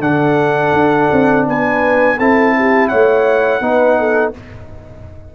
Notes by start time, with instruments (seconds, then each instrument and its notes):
0.00 tuba D3, trombone D4, horn A4, trumpet F#5
0.73 tuba D4
1.12 tuba C4
1.47 tuba B3, horn B4, trumpet G#5
2.18 tuba C4, trombone E4, horn A4, trumpet A5
2.58 horn G4
2.88 tuba A3, horn C#5, trumpet F#5
3.61 tuba B3, trombone D#4, horn B4
3.99 horn A4